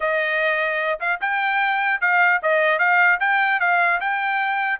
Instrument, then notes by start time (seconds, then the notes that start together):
trumpet
0.00 D#5
0.99 F5
1.20 G5
2.01 F5
2.42 D#5
2.79 F5
3.20 G5
3.59 F5
4.00 G5